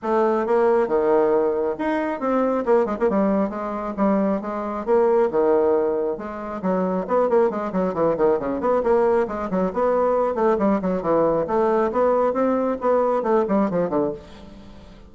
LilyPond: \new Staff \with { instrumentName = "bassoon" } { \time 4/4 \tempo 4 = 136 a4 ais4 dis2 | dis'4 c'4 ais8 gis16 ais16 g4 | gis4 g4 gis4 ais4 | dis2 gis4 fis4 |
b8 ais8 gis8 fis8 e8 dis8 cis8 b8 | ais4 gis8 fis8 b4. a8 | g8 fis8 e4 a4 b4 | c'4 b4 a8 g8 f8 d8 | }